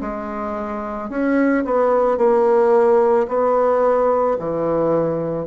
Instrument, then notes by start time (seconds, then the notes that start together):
bassoon
0.00 G#3
1.09 C#4
1.65 B3
2.17 A#3
3.28 B3
4.39 E3